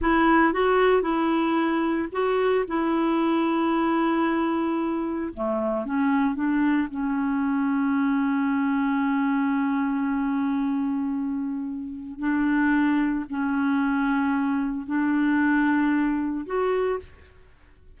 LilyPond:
\new Staff \with { instrumentName = "clarinet" } { \time 4/4 \tempo 4 = 113 e'4 fis'4 e'2 | fis'4 e'2.~ | e'2 a4 cis'4 | d'4 cis'2.~ |
cis'1~ | cis'2. d'4~ | d'4 cis'2. | d'2. fis'4 | }